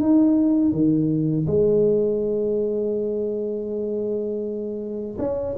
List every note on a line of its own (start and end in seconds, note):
0.00 0.72 D#4
0.72 1.46 D#3
1.47 5.17 G#3
5.18 5.55 C#4